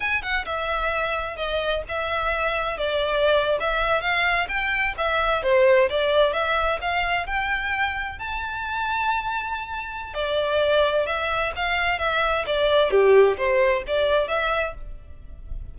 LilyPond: \new Staff \with { instrumentName = "violin" } { \time 4/4 \tempo 4 = 130 gis''8 fis''8 e''2 dis''4 | e''2 d''4.~ d''16 e''16~ | e''8. f''4 g''4 e''4 c''16~ | c''8. d''4 e''4 f''4 g''16~ |
g''4.~ g''16 a''2~ a''16~ | a''2 d''2 | e''4 f''4 e''4 d''4 | g'4 c''4 d''4 e''4 | }